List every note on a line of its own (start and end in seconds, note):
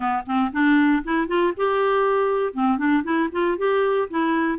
0.00 0.23 B3
0.26 0.51 C4
0.52 1.03 D4
1.04 1.27 E4
1.27 1.53 F4
1.56 2.53 G4
2.53 2.77 C4
2.77 3.03 D4
3.03 3.29 E4
3.32 3.57 F4
3.57 4.08 G4
4.10 4.59 E4